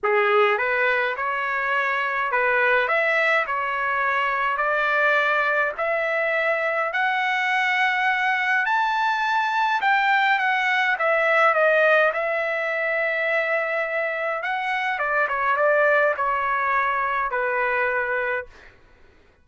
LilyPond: \new Staff \with { instrumentName = "trumpet" } { \time 4/4 \tempo 4 = 104 gis'4 b'4 cis''2 | b'4 e''4 cis''2 | d''2 e''2 | fis''2. a''4~ |
a''4 g''4 fis''4 e''4 | dis''4 e''2.~ | e''4 fis''4 d''8 cis''8 d''4 | cis''2 b'2 | }